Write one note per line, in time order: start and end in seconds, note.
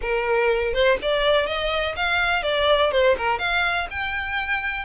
0.01 0.73 A#4
0.73 0.98 C5
1.02 1.46 D5
1.46 1.95 D#5
1.96 2.42 F5
2.42 2.91 D5
2.91 3.16 C5
3.17 3.38 A#4
3.38 3.87 F5
3.90 4.85 G5